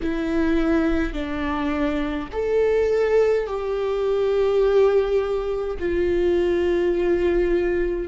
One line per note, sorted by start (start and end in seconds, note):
0.02 1.13 E4
1.13 2.28 D4
2.32 3.46 A4
3.46 5.77 G4
5.79 8.08 F4